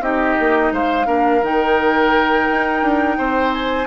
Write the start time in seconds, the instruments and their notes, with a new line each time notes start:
0.00 bassoon C4, clarinet D#4, oboe G4, flute D#5
0.39 bassoon A#3
0.71 bassoon G#3, oboe C5, flute F5
1.05 bassoon A#3, clarinet D4, oboe A#4
1.41 bassoon D#3, clarinet D#4, flute G5
2.50 bassoon D#4
2.82 bassoon D4
3.17 bassoon C4, oboe C5
3.53 flute G#5